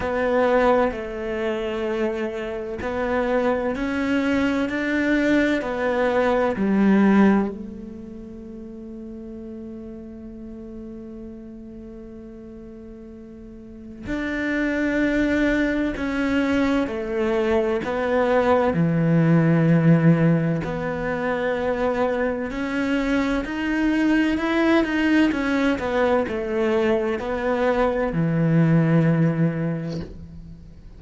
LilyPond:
\new Staff \with { instrumentName = "cello" } { \time 4/4 \tempo 4 = 64 b4 a2 b4 | cis'4 d'4 b4 g4 | a1~ | a2. d'4~ |
d'4 cis'4 a4 b4 | e2 b2 | cis'4 dis'4 e'8 dis'8 cis'8 b8 | a4 b4 e2 | }